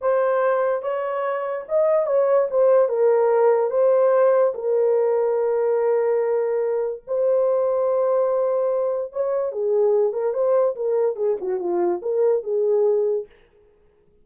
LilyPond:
\new Staff \with { instrumentName = "horn" } { \time 4/4 \tempo 4 = 145 c''2 cis''2 | dis''4 cis''4 c''4 ais'4~ | ais'4 c''2 ais'4~ | ais'1~ |
ais'4 c''2.~ | c''2 cis''4 gis'4~ | gis'8 ais'8 c''4 ais'4 gis'8 fis'8 | f'4 ais'4 gis'2 | }